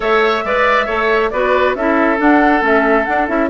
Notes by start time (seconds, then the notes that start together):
0.00 A3 A4 C#5 E5
0.44 G#3 B4 D5
0.85 A3 A4 C#5
1.29 B3 F#4 B4 D5
1.75 C#4 E4 A4 E5
2.17 D4 F#5
2.61 A3 C#4 E5
3.05 D4 F#5
3.28 C#4 E4 E5